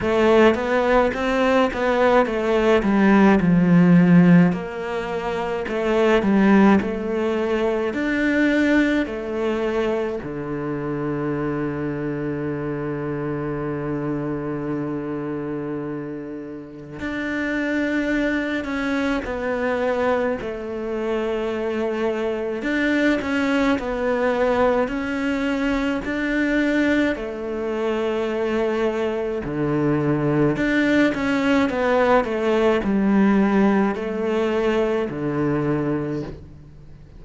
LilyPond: \new Staff \with { instrumentName = "cello" } { \time 4/4 \tempo 4 = 53 a8 b8 c'8 b8 a8 g8 f4 | ais4 a8 g8 a4 d'4 | a4 d2.~ | d2. d'4~ |
d'8 cis'8 b4 a2 | d'8 cis'8 b4 cis'4 d'4 | a2 d4 d'8 cis'8 | b8 a8 g4 a4 d4 | }